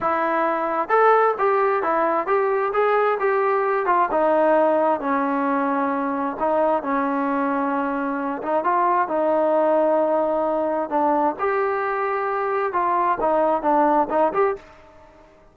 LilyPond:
\new Staff \with { instrumentName = "trombone" } { \time 4/4 \tempo 4 = 132 e'2 a'4 g'4 | e'4 g'4 gis'4 g'4~ | g'8 f'8 dis'2 cis'4~ | cis'2 dis'4 cis'4~ |
cis'2~ cis'8 dis'8 f'4 | dis'1 | d'4 g'2. | f'4 dis'4 d'4 dis'8 g'8 | }